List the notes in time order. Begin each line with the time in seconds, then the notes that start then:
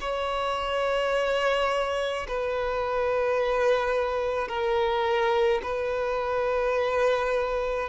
0.00 C#5
2.27 B4
4.48 A#4
5.62 B4